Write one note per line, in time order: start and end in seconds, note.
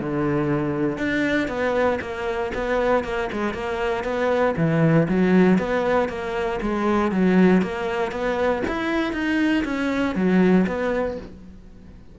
0.00 0.98 D3
0.98 1.48 D4
1.48 1.99 B3
2.01 2.52 A#3
2.55 3.04 B3
3.04 3.30 A#3
3.33 3.54 G#3
3.54 4.04 A#3
4.04 4.55 B3
4.57 5.08 E3
5.09 5.59 F#3
5.59 6.09 B3
6.09 6.60 A#3
6.62 7.12 G#3
7.12 7.62 F#3
7.62 8.12 A#3
8.12 8.63 B3
8.68 9.13 E4
9.13 9.64 D#4
9.65 10.15 C#4
10.15 10.66 F#3
10.67 11.18 B3